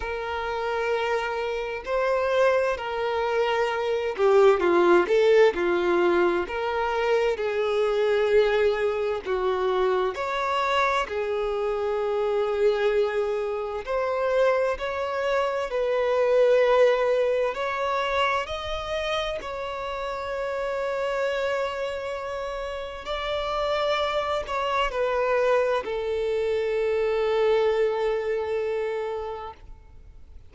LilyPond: \new Staff \with { instrumentName = "violin" } { \time 4/4 \tempo 4 = 65 ais'2 c''4 ais'4~ | ais'8 g'8 f'8 a'8 f'4 ais'4 | gis'2 fis'4 cis''4 | gis'2. c''4 |
cis''4 b'2 cis''4 | dis''4 cis''2.~ | cis''4 d''4. cis''8 b'4 | a'1 | }